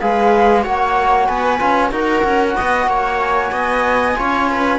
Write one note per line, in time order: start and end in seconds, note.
0.00 0.66 G#3
0.00 0.63 G#4
0.00 0.63 B4
0.00 0.64 F5
0.63 1.28 A#3
0.63 1.59 F#4
0.63 1.26 C#5
0.63 1.27 F#5
1.26 1.60 B3
1.26 1.90 B4
1.26 1.91 G#5
1.59 1.91 C#4
1.59 1.91 F4
1.91 2.23 D#4
1.91 4.14 F#4
1.91 2.56 A#4
1.91 3.19 F#5
2.24 2.56 C#4
2.56 2.87 B3
2.56 2.88 D#5
2.87 3.50 A#3
2.87 3.52 C#5
3.19 4.78 G#5
3.51 4.15 B3
3.51 4.16 D#5
4.15 4.78 C#4
4.15 4.78 F4
4.15 4.50 C#5
4.50 4.78 B4